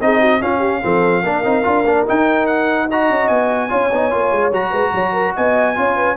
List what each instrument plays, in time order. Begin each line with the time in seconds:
0.00 tuba C4, trombone D#4, horn G#4, trumpet D#5
0.20 horn F#4
0.41 trombone C#4, tuba C#4, horn F4, trumpet F5
0.59 horn G4
0.82 tuba F3, trombone C4, horn A4
1.23 tuba A#3, trombone D4, horn A#4
1.43 tuba C4, trombone D#4
1.63 tuba D4, trombone F4
1.85 tuba A#3, trombone D4
2.06 trombone D#4, tuba D#4, trumpet G5
2.46 trumpet F#5
2.88 trombone F#4, horn D#5, trumpet A#5
3.09 tuba C#4
3.27 tuba B3, trumpet G#5
3.68 tuba C#4, trombone F4, horn C#5
3.92 tuba B3, trombone D#4
4.11 tuba A#3, trombone F4
4.31 tuba G#3
4.51 tuba F#3, trombone F#4, trumpet A#5
4.71 tuba G#3, horn B4
4.92 tuba F#3, horn C#5
5.12 horn A#4
5.36 tuba B3, horn D#5, trumpet G#5
5.75 tuba C#4, trombone F4, horn C#5
5.96 horn B4